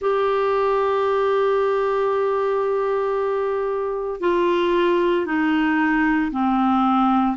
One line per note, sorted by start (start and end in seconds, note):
0.01 4.20 G4
4.20 5.25 F4
5.25 6.31 D#4
6.31 7.36 C4